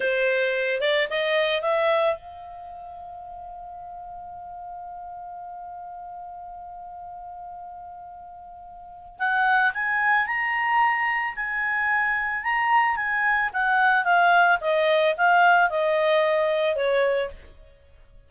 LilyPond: \new Staff \with { instrumentName = "clarinet" } { \time 4/4 \tempo 4 = 111 c''4. d''8 dis''4 e''4 | f''1~ | f''1~ | f''1~ |
f''4 fis''4 gis''4 ais''4~ | ais''4 gis''2 ais''4 | gis''4 fis''4 f''4 dis''4 | f''4 dis''2 cis''4 | }